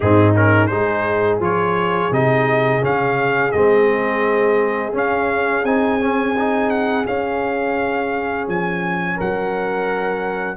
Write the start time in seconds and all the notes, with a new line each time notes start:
0.00 G#2 C4 D#4 G#4
0.35 C#4 A#4
0.66 G#3 D#4 G#4 C5
1.39 F3 F4 C#5
2.11 C3 D#4 D#5
2.81 C#3 C#4 F5
3.51 G#3 C4 D#5
4.92 C#4 F5
5.63 C4 D#4 G#5
6.00 C#4
6.37 D#4
6.70 F#5
7.04 C#4 F5
8.47 F3 G#5
9.16 F#3 A#4 F#5